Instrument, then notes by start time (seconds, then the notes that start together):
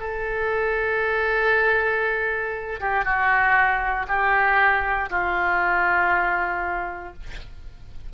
oboe
0.00 A4
2.80 G4
3.05 F#4
4.08 G4
5.10 F4